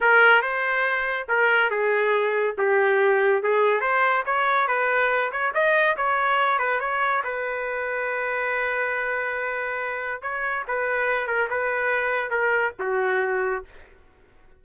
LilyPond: \new Staff \with { instrumentName = "trumpet" } { \time 4/4 \tempo 4 = 141 ais'4 c''2 ais'4 | gis'2 g'2 | gis'4 c''4 cis''4 b'4~ | b'8 cis''8 dis''4 cis''4. b'8 |
cis''4 b'2.~ | b'1 | cis''4 b'4. ais'8 b'4~ | b'4 ais'4 fis'2 | }